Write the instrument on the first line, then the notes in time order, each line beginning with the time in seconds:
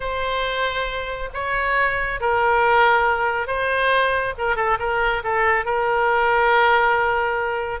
oboe
0.00 C5
1.33 C#5
2.20 A#4
3.47 C5
4.38 A#4
4.56 A4
4.79 A#4
5.23 A4
5.65 A#4